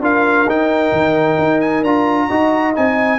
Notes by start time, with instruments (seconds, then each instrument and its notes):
0.00 tuba D4, trombone F4, horn A#4, trumpet F5
0.45 tuba D#4, trombone D#4, trumpet G5
0.92 tuba D#3
1.38 tuba D#4
1.60 trumpet G#5
1.82 tuba D4, trombone F4, trumpet A#5
2.28 tuba D#4, trombone F#4, horn D#5
2.73 tuba C4, trombone D#4, trumpet G#5